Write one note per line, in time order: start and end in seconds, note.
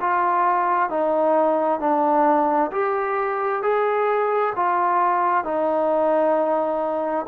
0.00 0.89 F4
0.89 1.80 D#4
1.80 2.71 D4
2.71 3.62 G4
3.62 4.53 G#4
4.55 5.44 F4
5.44 7.26 D#4